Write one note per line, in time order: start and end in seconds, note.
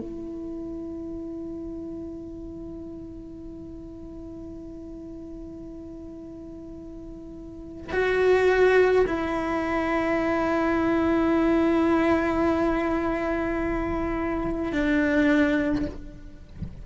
0.00 7.92 E4
7.93 9.06 F#4
9.07 14.73 E4
14.73 15.86 D4